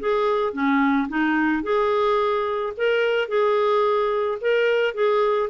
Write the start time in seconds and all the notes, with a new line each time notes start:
0.00 G#4
0.53 C#4
1.09 D#4
1.63 G#4
2.77 A#4
3.28 G#4
4.41 A#4
4.94 G#4